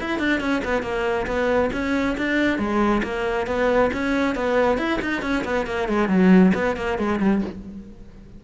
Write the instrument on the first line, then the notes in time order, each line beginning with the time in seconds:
cello
0.00 E4
0.19 D4
0.40 C#4
0.64 B3
0.82 A#3
1.26 B3
1.72 C#4
2.17 D4
2.58 G#3
3.03 A#3
3.46 B3
3.93 C#4
4.35 B3
4.78 E4
5.01 D#4
5.22 C#4
5.44 B3
5.66 A#3
5.88 G#3
6.08 F#3
6.54 B3
6.76 A#3
6.98 G#3
7.19 G3